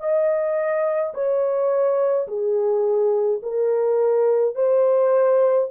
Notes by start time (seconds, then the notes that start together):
0.00 D#5
1.14 C#5
2.27 G#4
3.42 A#4
4.55 C5